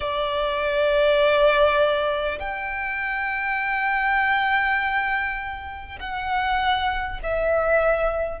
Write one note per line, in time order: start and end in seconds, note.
0.00 2.38 D5
2.39 5.99 G5
5.99 7.19 F#5
7.22 8.40 E5